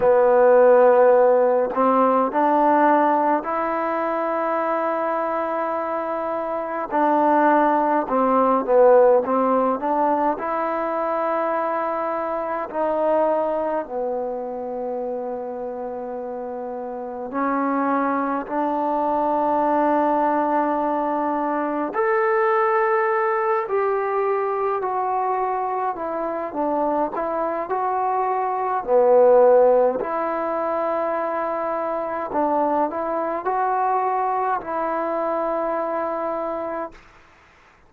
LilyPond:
\new Staff \with { instrumentName = "trombone" } { \time 4/4 \tempo 4 = 52 b4. c'8 d'4 e'4~ | e'2 d'4 c'8 b8 | c'8 d'8 e'2 dis'4 | b2. cis'4 |
d'2. a'4~ | a'8 g'4 fis'4 e'8 d'8 e'8 | fis'4 b4 e'2 | d'8 e'8 fis'4 e'2 | }